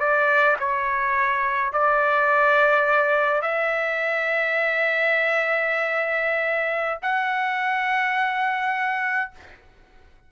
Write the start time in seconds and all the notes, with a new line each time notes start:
0.00 D5
0.60 C#5
1.73 D5
3.42 E5
7.03 F#5